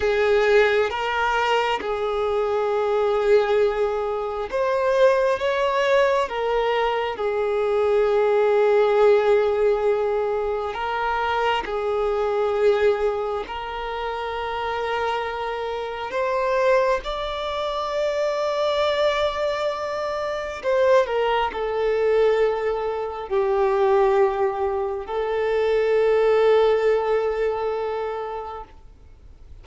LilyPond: \new Staff \with { instrumentName = "violin" } { \time 4/4 \tempo 4 = 67 gis'4 ais'4 gis'2~ | gis'4 c''4 cis''4 ais'4 | gis'1 | ais'4 gis'2 ais'4~ |
ais'2 c''4 d''4~ | d''2. c''8 ais'8 | a'2 g'2 | a'1 | }